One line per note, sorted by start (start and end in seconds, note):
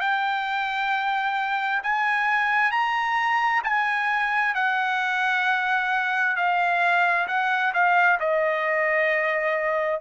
0.00 1.82 G5
1.83 2.71 G#5
2.71 3.62 A#5
3.63 4.54 G#5
4.54 6.36 F#5
6.36 7.27 F5
7.27 7.72 F#5
7.73 8.19 F5
8.19 10.00 D#5